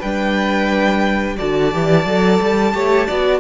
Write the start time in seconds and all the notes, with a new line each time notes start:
0.00 G3 D4 B4 G5
1.37 D3 F#4 D5 A5
1.71 E3 G4
2.06 F#3 A4
2.42 G3
2.73 A3 G4 C#5
3.07 B3 F#4 D5